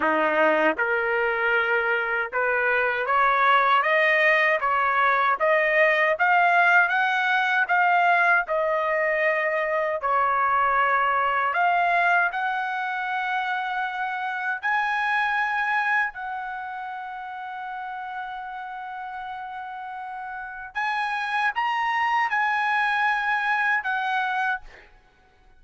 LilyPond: \new Staff \with { instrumentName = "trumpet" } { \time 4/4 \tempo 4 = 78 dis'4 ais'2 b'4 | cis''4 dis''4 cis''4 dis''4 | f''4 fis''4 f''4 dis''4~ | dis''4 cis''2 f''4 |
fis''2. gis''4~ | gis''4 fis''2.~ | fis''2. gis''4 | ais''4 gis''2 fis''4 | }